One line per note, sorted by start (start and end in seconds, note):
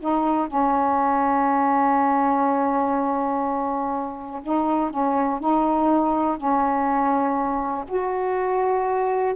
0.00 0.48 D#4
0.48 4.41 C#4
4.43 4.90 D#4
4.90 5.40 C#4
5.40 6.37 D#4
6.37 7.85 C#4
7.88 9.35 F#4